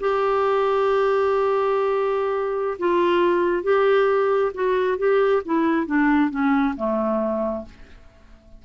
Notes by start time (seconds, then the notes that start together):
0.00 G4
2.79 F4
3.63 G4
4.54 F#4
4.98 G4
5.45 E4
5.86 D4
6.31 C#4
6.77 A3